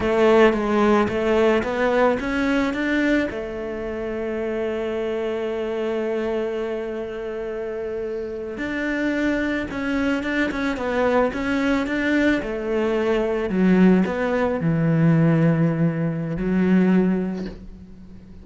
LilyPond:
\new Staff \with { instrumentName = "cello" } { \time 4/4 \tempo 4 = 110 a4 gis4 a4 b4 | cis'4 d'4 a2~ | a1~ | a2.~ a8. d'16~ |
d'4.~ d'16 cis'4 d'8 cis'8 b16~ | b8. cis'4 d'4 a4~ a16~ | a8. fis4 b4 e4~ e16~ | e2 fis2 | }